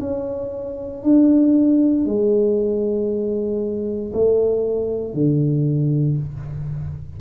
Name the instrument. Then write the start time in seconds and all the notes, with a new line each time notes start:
tuba
0.00 C#4
1.03 D4
2.05 G#3
4.13 A3
5.13 D3